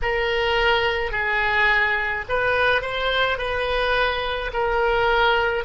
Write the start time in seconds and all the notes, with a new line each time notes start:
0.02 A#4
1.11 G#4
2.28 B4
2.81 C5
3.38 B4
4.53 A#4